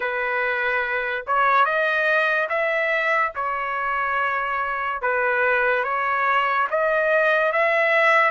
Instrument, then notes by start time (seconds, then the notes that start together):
trumpet
0.00 B4
1.26 C#5
1.65 D#5
2.48 E5
3.35 C#5
5.02 B4
5.84 C#5
6.70 D#5
7.52 E5